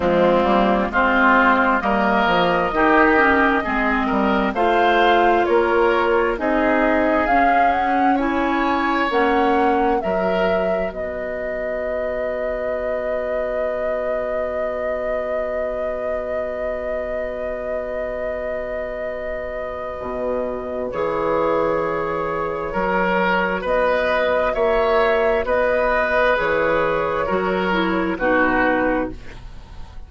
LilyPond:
<<
  \new Staff \with { instrumentName = "flute" } { \time 4/4 \tempo 4 = 66 f'4 c''4 dis''2~ | dis''4 f''4 cis''4 dis''4 | f''8 fis''8 gis''4 fis''4 e''4 | dis''1~ |
dis''1~ | dis''2. cis''4~ | cis''2 dis''4 e''4 | dis''4 cis''2 b'4 | }
  \new Staff \with { instrumentName = "oboe" } { \time 4/4 c'4 f'4 ais'4 g'4 | gis'8 ais'8 c''4 ais'4 gis'4~ | gis'4 cis''2 ais'4 | b'1~ |
b'1~ | b'1~ | b'4 ais'4 b'4 cis''4 | b'2 ais'4 fis'4 | }
  \new Staff \with { instrumentName = "clarinet" } { \time 4/4 gis8 ais8 c'4 ais4 dis'8 cis'8 | c'4 f'2 dis'4 | cis'4 e'4 cis'4 fis'4~ | fis'1~ |
fis'1~ | fis'2. gis'4~ | gis'4 fis'2.~ | fis'4 gis'4 fis'8 e'8 dis'4 | }
  \new Staff \with { instrumentName = "bassoon" } { \time 4/4 f8 g8 gis4 g8 f8 dis4 | gis8 g8 a4 ais4 c'4 | cis'2 ais4 fis4 | b1~ |
b1~ | b2 b,4 e4~ | e4 fis4 b4 ais4 | b4 e4 fis4 b,4 | }
>>